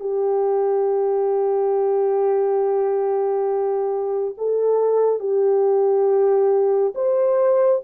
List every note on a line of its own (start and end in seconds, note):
0.00 4.35 G4
4.38 5.20 A4
5.20 6.94 G4
6.95 7.82 C5